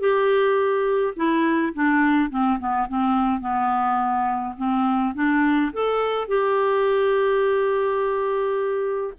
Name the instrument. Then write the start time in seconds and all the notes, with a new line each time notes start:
clarinet
0.00 G4
1.17 E4
1.74 D4
2.31 C4
2.60 B3
2.89 C4
3.41 B3
4.58 C4
5.15 D4
5.73 A4
6.28 G4